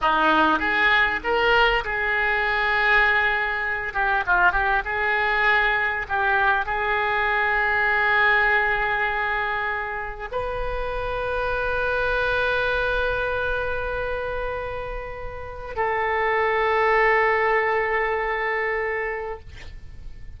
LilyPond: \new Staff \with { instrumentName = "oboe" } { \time 4/4 \tempo 4 = 99 dis'4 gis'4 ais'4 gis'4~ | gis'2~ gis'8 g'8 f'8 g'8 | gis'2 g'4 gis'4~ | gis'1~ |
gis'4 b'2.~ | b'1~ | b'2 a'2~ | a'1 | }